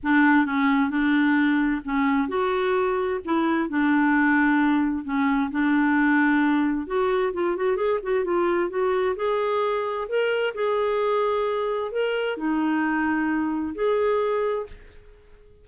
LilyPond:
\new Staff \with { instrumentName = "clarinet" } { \time 4/4 \tempo 4 = 131 d'4 cis'4 d'2 | cis'4 fis'2 e'4 | d'2. cis'4 | d'2. fis'4 |
f'8 fis'8 gis'8 fis'8 f'4 fis'4 | gis'2 ais'4 gis'4~ | gis'2 ais'4 dis'4~ | dis'2 gis'2 | }